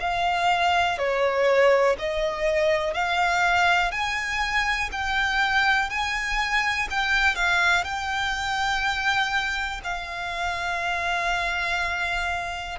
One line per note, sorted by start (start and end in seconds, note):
0.00 0.98 F5
0.98 1.96 C#5
1.99 2.94 D#5
2.94 3.91 F5
3.91 4.90 G#5
4.92 5.90 G5
5.90 6.88 G#5
6.90 7.35 G5
7.35 7.84 F5
7.84 9.81 G5
9.84 12.79 F5